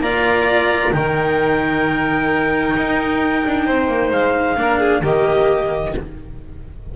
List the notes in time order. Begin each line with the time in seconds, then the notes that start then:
0.00 A#3 F4 D5 A#5
0.92 D#3 D#4 A#4 G5
2.76 D#4
3.46 D4
3.65 C4 C5
3.87 A#3
4.10 G#3 F5
4.56 A#3 D4 A#4
4.79 G#4
5.01 D#3 A#3 G4 D#5